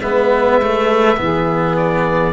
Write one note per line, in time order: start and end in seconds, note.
0.00 1.18 G#3
0.00 0.62 B3
0.00 1.19 B4
0.00 1.77 E5
0.62 1.17 A3
1.17 2.33 E3
1.17 2.33 B3
1.17 2.33 G#4
1.77 2.33 D5